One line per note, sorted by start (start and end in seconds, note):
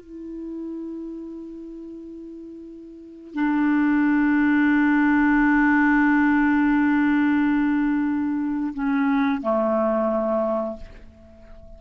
0.00 3.34 E4
3.34 8.73 D4
8.73 9.41 C#4
9.41 10.76 A3